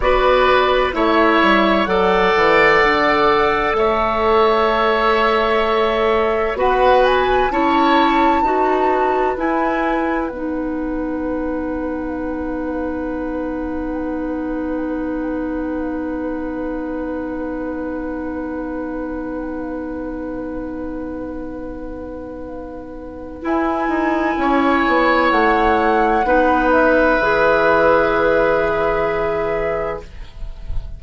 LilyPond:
<<
  \new Staff \with { instrumentName = "flute" } { \time 4/4 \tempo 4 = 64 d''4 e''4 fis''2 | e''2. fis''8 gis''8 | a''2 gis''4 fis''4~ | fis''1~ |
fis''1~ | fis''1~ | fis''4 gis''2 fis''4~ | fis''8 e''2.~ e''8 | }
  \new Staff \with { instrumentName = "oboe" } { \time 4/4 b'4 cis''4 d''2 | cis''2. b'4 | cis''4 b'2.~ | b'1~ |
b'1~ | b'1~ | b'2 cis''2 | b'1 | }
  \new Staff \with { instrumentName = "clarinet" } { \time 4/4 fis'4 e'4 a'2~ | a'2. fis'4 | e'4 fis'4 e'4 dis'4~ | dis'1~ |
dis'1~ | dis'1~ | dis'4 e'2. | dis'4 gis'2. | }
  \new Staff \with { instrumentName = "bassoon" } { \time 4/4 b4 a8 g8 fis8 e8 d4 | a2. b4 | cis'4 dis'4 e'4 b4~ | b1~ |
b1~ | b1~ | b4 e'8 dis'8 cis'8 b8 a4 | b4 e2. | }
>>